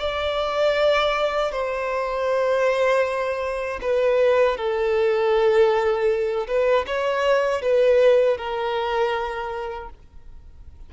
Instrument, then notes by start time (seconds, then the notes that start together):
violin
0.00 D5
1.52 C5
3.82 B4
4.57 A4
6.48 B4
6.87 C#5
7.62 B4
8.38 A#4